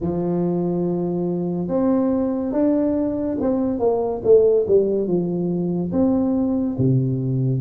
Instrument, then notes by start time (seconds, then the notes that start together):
tuba
0.00 F3
1.67 C4
2.52 D4
3.40 C4
3.79 A#3
4.23 A3
4.67 G3
5.07 F3
5.92 C4
6.78 C3